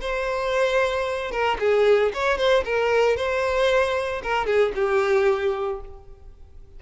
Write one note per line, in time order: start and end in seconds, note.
0.00 1.31 C5
1.31 1.57 A#4
1.59 2.12 G#4
2.13 2.37 C#5
2.37 2.63 C5
2.65 3.16 A#4
3.16 4.22 C5
4.22 4.46 A#4
4.46 4.72 G#4
4.75 5.80 G4